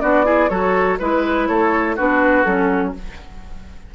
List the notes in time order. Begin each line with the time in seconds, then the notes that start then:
0.00 B3 D4 F#4 D5
0.24 E4 G#4
0.49 F#3 F#4 A4 C#5
0.99 G#3 E4 B4
1.47 A3 A4 C#5
1.96 B3 D4 F#4 B4
2.43 F#3 C#4 A4